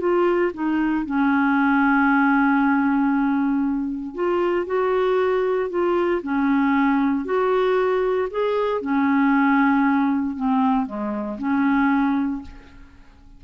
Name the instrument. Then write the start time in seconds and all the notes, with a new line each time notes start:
clarinet
0.00 F4
0.54 D#4
1.06 C#4
4.15 F4
4.66 F#4
5.70 F4
6.23 C#4
7.25 F#4
8.31 G#4
8.82 C#4
10.36 C4
10.86 G#3
11.38 C#4